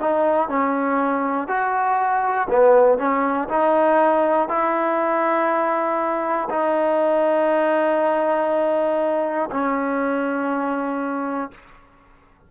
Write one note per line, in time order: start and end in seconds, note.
0.00 0.49 D#4
0.49 1.47 C#4
1.47 2.47 F#4
2.50 2.98 B3
2.98 3.48 C#4
3.48 4.48 D#4
4.49 6.49 E4
6.50 9.50 D#4
9.50 11.50 C#4